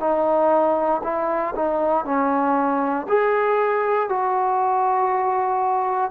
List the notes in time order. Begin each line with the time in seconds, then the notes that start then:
0.00 D#4
1.04 E4
1.55 D#4
2.05 C#4
3.08 G#4
4.09 F#4